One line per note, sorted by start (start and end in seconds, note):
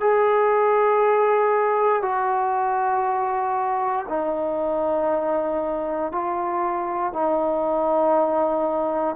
0.00 2.02 G#4
2.02 4.05 F#4
4.08 6.12 D#4
6.12 7.13 F4
7.13 9.15 D#4